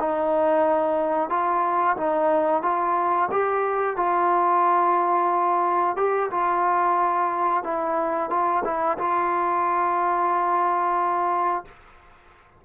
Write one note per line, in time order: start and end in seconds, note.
0.00 1.30 D#4
1.30 1.97 F4
1.97 2.63 D#4
2.63 3.30 F4
3.32 3.97 G4
3.97 5.97 F4
5.97 6.30 G4
6.31 7.64 F4
7.64 8.31 E4
8.31 8.64 F4
8.65 8.98 E4
8.98 11.65 F4